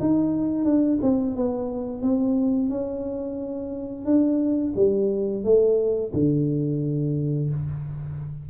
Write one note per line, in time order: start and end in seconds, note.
0.00 0.64 D#4
0.64 0.99 D4
1.02 1.36 C4
1.36 2.02 B3
2.02 2.70 C4
2.70 4.05 C#4
4.05 4.73 D4
4.76 5.44 G3
5.44 6.12 A3
6.13 7.49 D3